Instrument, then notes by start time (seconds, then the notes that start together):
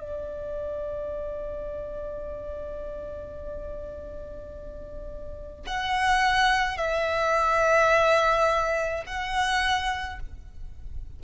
violin
0.00 D5
5.67 F#5
6.78 E5
9.07 F#5